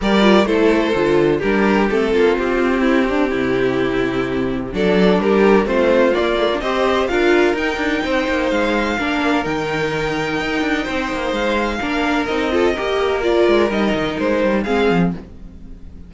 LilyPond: <<
  \new Staff \with { instrumentName = "violin" } { \time 4/4 \tempo 4 = 127 d''4 c''2 ais'4 | a'4 g'2.~ | g'2 d''4 ais'4 | c''4 d''4 dis''4 f''4 |
g''2 f''2 | g''1 | f''2 dis''2 | d''4 dis''4 c''4 f''4 | }
  \new Staff \with { instrumentName = "violin" } { \time 4/4 ais'4 a'2 g'4~ | g'8 f'4. e'8 d'8 e'4~ | e'2 a'4 g'4 | f'2 c''4 ais'4~ |
ais'4 c''2 ais'4~ | ais'2. c''4~ | c''4 ais'4. a'8 ais'4~ | ais'2. gis'4 | }
  \new Staff \with { instrumentName = "viola" } { \time 4/4 g'8 f'8 e'4 f'4 d'4 | c'1~ | c'2 d'2 | c'4 ais8 a16 d'16 g'4 f'4 |
dis'2. d'4 | dis'1~ | dis'4 d'4 dis'8 f'8 g'4 | f'4 dis'2 c'4 | }
  \new Staff \with { instrumentName = "cello" } { \time 4/4 g4 a4 d4 g4 | a8 ais8 c'2 c4~ | c2 fis4 g4 | a4 ais4 c'4 d'4 |
dis'8 d'8 c'8 ais8 gis4 ais4 | dis2 dis'8 d'8 c'8 ais8 | gis4 ais4 c'4 ais4~ | ais8 gis8 g8 dis8 gis8 g8 gis8 f8 | }
>>